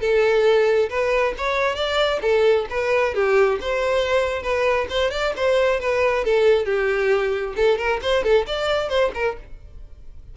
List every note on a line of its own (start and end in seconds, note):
0.00 0.89 A4
0.89 1.34 B4
1.38 1.75 C#5
1.75 2.19 D5
2.21 2.66 A4
2.70 3.14 B4
3.14 3.59 G4
3.60 4.42 C5
4.42 4.87 B4
4.89 5.11 C5
5.11 5.33 D5
5.36 5.80 C5
5.80 6.24 B4
6.24 6.65 A4
6.65 7.54 G4
7.56 7.78 A4
7.78 8.00 A#4
8.02 8.23 C5
8.23 8.45 A4
8.46 8.89 D5
8.89 9.11 C5
9.14 9.37 A#4